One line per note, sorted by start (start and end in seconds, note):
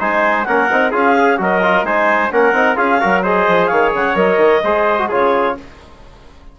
0.00 0.46 G#3
0.00 0.46 D#4
0.00 0.46 C5
0.00 0.44 G#5
0.44 0.71 A#3
0.44 0.70 C#4
0.44 0.91 A#4
0.44 0.91 F#5
0.71 0.92 C4
0.71 0.92 D#4
0.91 1.38 C#4
0.91 1.15 F4
0.91 1.37 G#4
0.91 1.39 F5
1.16 1.38 G#4
1.38 1.83 F#3
1.38 1.61 F#4
1.38 1.86 A#4
1.38 1.85 D#5
1.63 1.85 F4
1.83 2.29 G#3
1.83 2.31 D#4
1.83 2.32 C5
1.83 2.31 G#5
2.31 2.53 A#3
2.31 2.54 C#4
2.31 2.77 A#4
2.31 2.76 F#5
2.53 2.76 C4
2.53 2.76 D#4
2.76 3.00 C#4
2.76 2.99 F4
2.76 3.00 G#4
2.76 3.22 F5
3.00 3.48 F#3
3.00 3.24 F#4
3.00 3.23 A#4
3.23 4.15 G#4
3.23 3.69 C5
3.23 3.66 D#5
3.48 3.71 F3
3.66 3.94 D#3
3.66 4.62 C#5
3.66 3.90 F5
3.94 4.15 C#3
3.94 4.16 F#5
4.15 4.37 F#3
4.15 4.61 A#4
4.15 5.09 D#5
4.37 4.60 D#3
4.64 5.10 G#3
4.64 4.99 G#4
4.64 5.08 C5
4.99 5.10 F#4
5.08 5.59 C#3
5.08 5.57 F4
5.08 5.55 G#4
5.08 5.58 C#5